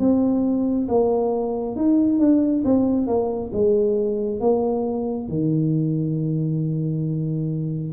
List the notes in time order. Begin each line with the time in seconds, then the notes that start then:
0.00 C4
0.89 A#3
1.76 D#4
2.20 D4
2.65 C4
3.07 A#3
3.53 G#3
4.41 A#3
5.29 D#3